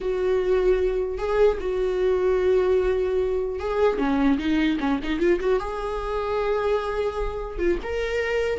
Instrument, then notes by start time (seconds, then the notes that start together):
viola
0.00 F#4
1.18 G#4
1.60 F#4
3.59 G#4
3.98 C#4
4.38 D#4
4.80 C#4
5.03 D#4
5.19 F4
5.39 F#4
5.59 G#4
7.58 F4
7.82 A#4